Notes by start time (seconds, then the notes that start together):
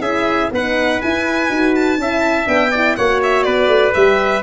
0.00 C#4 E4 G#4 E5
0.51 B3 D#4 B4 F#5
1.01 E4 G#5
1.49 D#4 F#4
1.75 A5
1.98 C#4 E4 E5
2.46 B3 D4 G5
2.71 E4 D5
2.96 A#3 F#4 C#5 F#5
3.23 E5
3.43 B3 B4 D5
3.67 A3
3.94 G3 G4 E5